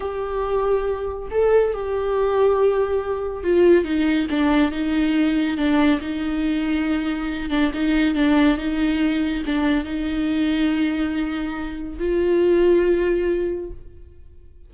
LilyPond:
\new Staff \with { instrumentName = "viola" } { \time 4/4 \tempo 4 = 140 g'2. a'4 | g'1 | f'4 dis'4 d'4 dis'4~ | dis'4 d'4 dis'2~ |
dis'4. d'8 dis'4 d'4 | dis'2 d'4 dis'4~ | dis'1 | f'1 | }